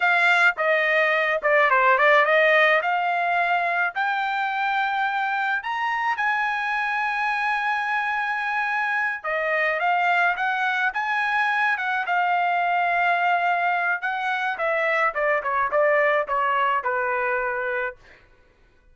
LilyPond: \new Staff \with { instrumentName = "trumpet" } { \time 4/4 \tempo 4 = 107 f''4 dis''4. d''8 c''8 d''8 | dis''4 f''2 g''4~ | g''2 ais''4 gis''4~ | gis''1~ |
gis''8 dis''4 f''4 fis''4 gis''8~ | gis''4 fis''8 f''2~ f''8~ | f''4 fis''4 e''4 d''8 cis''8 | d''4 cis''4 b'2 | }